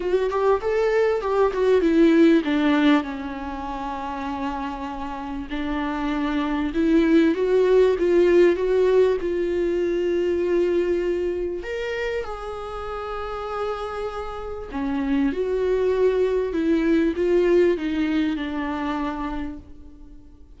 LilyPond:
\new Staff \with { instrumentName = "viola" } { \time 4/4 \tempo 4 = 98 fis'8 g'8 a'4 g'8 fis'8 e'4 | d'4 cis'2.~ | cis'4 d'2 e'4 | fis'4 f'4 fis'4 f'4~ |
f'2. ais'4 | gis'1 | cis'4 fis'2 e'4 | f'4 dis'4 d'2 | }